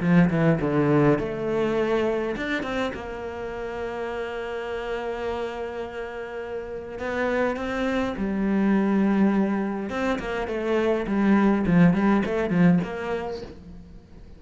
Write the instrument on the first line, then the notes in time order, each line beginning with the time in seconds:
cello
0.00 F3
0.30 E3
0.60 D3
1.19 A3
2.36 D4
2.62 C4
2.93 A#3
6.98 B3
7.56 C4
8.17 G3
9.89 C4
10.19 A#3
10.47 A3
11.07 G3
11.66 F3
11.93 G3
12.25 A3
12.50 F3
12.83 A#3